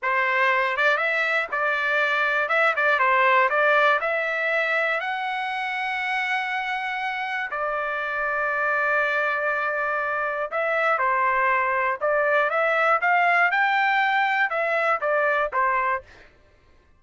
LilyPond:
\new Staff \with { instrumentName = "trumpet" } { \time 4/4 \tempo 4 = 120 c''4. d''8 e''4 d''4~ | d''4 e''8 d''8 c''4 d''4 | e''2 fis''2~ | fis''2. d''4~ |
d''1~ | d''4 e''4 c''2 | d''4 e''4 f''4 g''4~ | g''4 e''4 d''4 c''4 | }